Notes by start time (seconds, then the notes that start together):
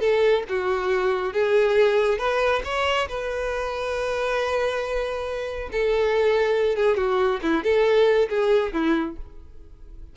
0.00 A4
0.49 F#4
1.33 G#4
2.19 B4
2.64 C#5
3.09 B4
5.72 A4
6.76 G#4
6.97 F#4
7.42 E4
7.64 A4
8.29 G#4
8.73 E4